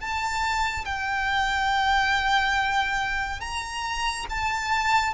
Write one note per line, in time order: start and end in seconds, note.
0.00 0.85 A5
0.85 3.40 G5
3.40 4.26 A#5
4.29 5.14 A5